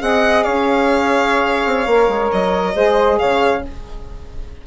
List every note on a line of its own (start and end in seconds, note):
0.00 0.45 C4
0.00 1.86 G#4
0.00 0.44 D#5
0.00 0.43 F#5
0.43 1.65 C#4
0.43 2.74 C#5
0.43 2.29 F5
1.65 1.86 C4
1.86 2.08 A#3
1.86 2.74 A#4
2.08 2.30 G#3
2.32 2.75 F#3
2.32 3.19 D#5
2.74 3.19 G#3
2.74 3.62 G#4
2.74 3.19 C5
3.19 3.67 C#3
3.19 3.64 C#5
3.19 3.62 F5